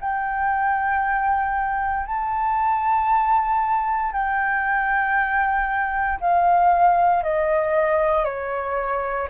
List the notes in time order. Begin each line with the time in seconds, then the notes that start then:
0.00 G5
2.06 A5
4.12 G5
6.20 F5
7.23 D#5
8.24 C#5